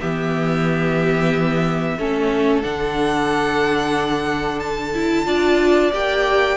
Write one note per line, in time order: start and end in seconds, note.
0.00 1.98 E3
0.00 1.98 B3
0.00 1.98 G4
0.00 2.62 E5
1.98 2.64 A3
1.98 2.62 C#4
1.98 5.27 A4
2.62 5.27 D3
2.62 4.93 D4
2.62 4.60 F#5
4.60 5.91 A5
4.94 5.25 E4
5.25 5.92 D4
5.25 5.91 F4
5.25 6.57 D5
5.92 6.57 A#3
5.92 6.57 G4
5.92 6.57 G5